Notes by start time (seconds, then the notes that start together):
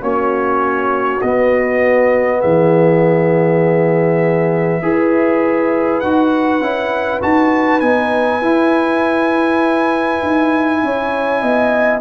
0.00 A#3 C#4 F#4 C#5
1.21 B3 D#5
2.40 E3 G#4 E5
4.82 E4 G#4 B4
6.00 D#4 F#4 F#5
6.59 C#4 E4
7.21 D#4 F#4 A5
7.79 B3 D#4 G#5
8.41 E4
10.22 D#4
10.82 C#4 C#5
11.42 B3 D#5